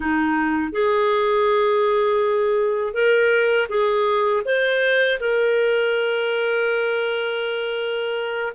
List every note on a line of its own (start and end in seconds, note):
0.00 0.71 D#4
0.71 2.93 G#4
2.93 3.67 A#4
3.68 4.42 G#4
4.45 5.19 C5
5.20 8.53 A#4